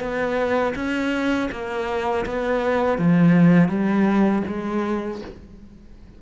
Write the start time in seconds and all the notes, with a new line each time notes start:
0.00 B3
0.75 C#4
1.52 A#3
2.26 B3
2.98 F3
3.69 G3
4.47 G#3